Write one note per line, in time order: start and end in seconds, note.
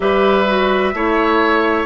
0.00 0.93 G3
0.00 0.45 G4
0.00 0.94 B4
0.00 1.86 E5
0.46 0.93 F#4
0.93 1.86 A3
0.93 1.86 E4
0.93 1.86 C#5